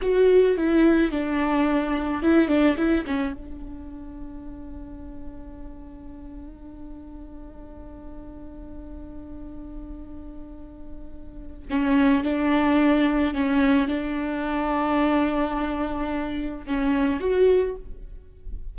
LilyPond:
\new Staff \with { instrumentName = "viola" } { \time 4/4 \tempo 4 = 108 fis'4 e'4 d'2 | e'8 d'8 e'8 cis'8 d'2~ | d'1~ | d'1~ |
d'1~ | d'4 cis'4 d'2 | cis'4 d'2.~ | d'2 cis'4 fis'4 | }